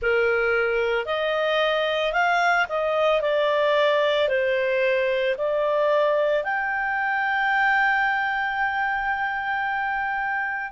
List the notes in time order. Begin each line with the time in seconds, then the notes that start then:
0.01 A#4
1.05 D#5
2.12 F5
2.68 D#5
3.21 D5
4.28 C5
5.37 D5
6.44 G5